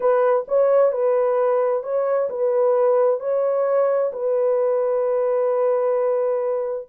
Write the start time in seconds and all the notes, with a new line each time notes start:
0.00 B4
0.47 C#5
0.92 B4
1.83 C#5
2.29 B4
3.20 C#5
4.12 B4